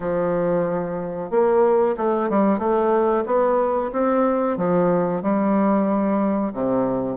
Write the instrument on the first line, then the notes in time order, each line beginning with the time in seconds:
bassoon
0.00 F3
1.30 A#3
1.97 A3
2.29 G3
2.58 A3
3.25 B3
3.92 C4
4.57 F3
5.22 G3
6.53 C3